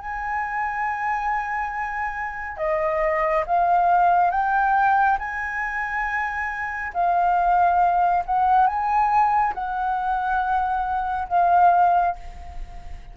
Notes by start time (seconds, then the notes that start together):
0.00 G#5
2.58 D#5
3.47 F5
4.31 G5
5.19 G#5
6.94 F5
8.26 F#5
8.67 G#5
9.55 F#5
11.29 F5